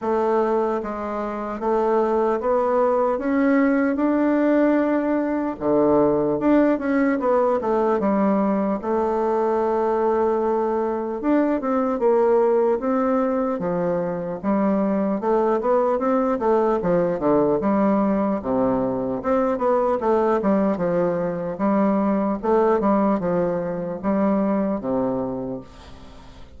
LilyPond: \new Staff \with { instrumentName = "bassoon" } { \time 4/4 \tempo 4 = 75 a4 gis4 a4 b4 | cis'4 d'2 d4 | d'8 cis'8 b8 a8 g4 a4~ | a2 d'8 c'8 ais4 |
c'4 f4 g4 a8 b8 | c'8 a8 f8 d8 g4 c4 | c'8 b8 a8 g8 f4 g4 | a8 g8 f4 g4 c4 | }